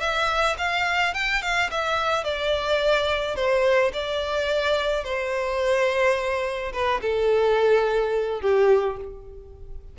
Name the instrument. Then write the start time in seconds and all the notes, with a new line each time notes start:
violin
0.00 E5
0.58 F5
1.14 G5
1.42 F5
1.71 E5
2.24 D5
3.35 C5
3.93 D5
5.04 C5
6.73 B4
7.01 A4
8.41 G4